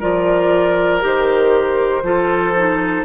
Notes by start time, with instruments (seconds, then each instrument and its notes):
0.00 bassoon F3, clarinet F4, oboe A#4, flute D5
1.01 bassoon D#3, clarinet G4, flute C5
2.03 bassoon F3, clarinet F4, oboe A4
2.57 clarinet D#4